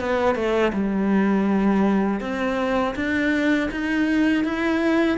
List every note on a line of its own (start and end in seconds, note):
0.00 0.35 B3
0.35 0.72 A3
0.73 2.21 G3
2.21 2.95 C4
2.96 3.70 D4
3.71 4.44 D#4
4.44 5.18 E4